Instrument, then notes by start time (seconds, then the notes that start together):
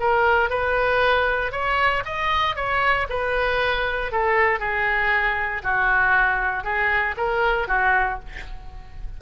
oboe
0.00 A#4
0.50 B4
1.52 C#5
2.05 D#5
2.56 C#5
3.10 B4
4.12 A4
4.60 G#4
5.63 F#4
6.64 G#4
7.17 A#4
7.68 F#4